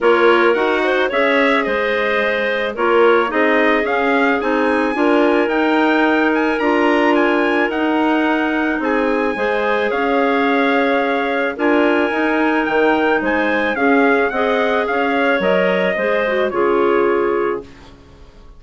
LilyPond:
<<
  \new Staff \with { instrumentName = "trumpet" } { \time 4/4 \tempo 4 = 109 cis''4 fis''4 e''4 dis''4~ | dis''4 cis''4 dis''4 f''4 | gis''2 g''4. gis''8 | ais''4 gis''4 fis''2 |
gis''2 f''2~ | f''4 gis''2 g''4 | gis''4 f''4 fis''4 f''4 | dis''2 cis''2 | }
  \new Staff \with { instrumentName = "clarinet" } { \time 4/4 ais'4. c''8 cis''4 c''4~ | c''4 ais'4 gis'2~ | gis'4 ais'2.~ | ais'1 |
gis'4 c''4 cis''2~ | cis''4 ais'2. | c''4 gis'4 dis''4 cis''4~ | cis''4 c''4 gis'2 | }
  \new Staff \with { instrumentName = "clarinet" } { \time 4/4 f'4 fis'4 gis'2~ | gis'4 f'4 dis'4 cis'4 | dis'4 f'4 dis'2 | f'2 dis'2~ |
dis'4 gis'2.~ | gis'4 f'4 dis'2~ | dis'4 cis'4 gis'2 | ais'4 gis'8 fis'8 f'2 | }
  \new Staff \with { instrumentName = "bassoon" } { \time 4/4 ais4 dis'4 cis'4 gis4~ | gis4 ais4 c'4 cis'4 | c'4 d'4 dis'2 | d'2 dis'2 |
c'4 gis4 cis'2~ | cis'4 d'4 dis'4 dis4 | gis4 cis'4 c'4 cis'4 | fis4 gis4 cis2 | }
>>